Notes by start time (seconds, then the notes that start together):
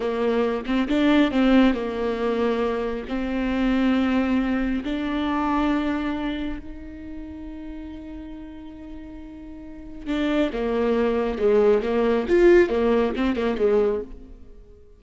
0.00 A#3
0.65 C4
0.88 D4
1.31 C4
1.74 A#3
3.08 C4
4.84 D4
6.59 D#4
10.07 D4
10.52 A#3
11.38 G#3
11.82 A#3
12.28 F4
12.69 A#3
13.16 C4
13.36 A#3
13.57 G#3